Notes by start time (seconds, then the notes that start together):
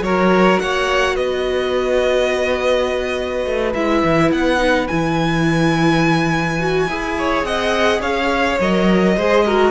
0.00 F#3 F#4 A#4 C#5
0.59 A#3 C#5 F#5
1.15 B3 B4 D#5
3.45 A3
3.74 G#3 E4 E5
4.03 E3
4.30 B3 F#5
4.57 D#4
4.87 E3 E4 G#5
6.59 F#4
6.87 E4 G#4
7.18 C#5
7.42 C4 D#5 F#5
8.00 C#4 C#5 F5
8.59 F#3 A#4 D#5
9.16 G#3 G#4 C5
9.45 F#4 A#4